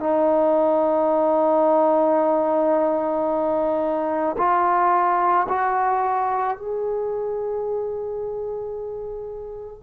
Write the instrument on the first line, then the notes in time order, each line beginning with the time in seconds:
trombone
0.00 D#4
4.38 F4
5.49 F#4
6.57 G#4